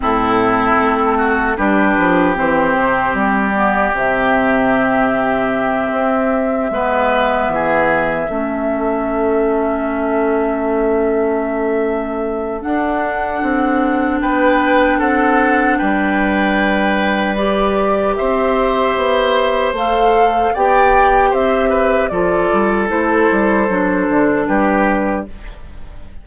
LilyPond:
<<
  \new Staff \with { instrumentName = "flute" } { \time 4/4 \tempo 4 = 76 a'2 b'4 c''4 | d''4 e''2.~ | e''1~ | e''1 |
fis''2 g''4 fis''4 | g''2 d''4 e''4~ | e''4 f''4 g''4 e''4 | d''4 c''2 b'4 | }
  \new Staff \with { instrumentName = "oboe" } { \time 4/4 e'4. fis'8 g'2~ | g'1~ | g'8 b'4 gis'4 a'4.~ | a'1~ |
a'2 b'4 a'4 | b'2. c''4~ | c''2 d''4 c''8 b'8 | a'2. g'4 | }
  \new Staff \with { instrumentName = "clarinet" } { \time 4/4 c'2 d'4 c'4~ | c'8 b8 c'2.~ | c'8 b2 cis'4.~ | cis'1 |
d'1~ | d'2 g'2~ | g'4 a'4 g'2 | f'4 e'4 d'2 | }
  \new Staff \with { instrumentName = "bassoon" } { \time 4/4 a,4 a4 g8 f8 e8 c8 | g4 c2~ c8 c'8~ | c'8 gis4 e4 a4.~ | a1 |
d'4 c'4 b4 c'4 | g2. c'4 | b4 a4 b4 c'4 | f8 g8 a8 g8 fis8 d8 g4 | }
>>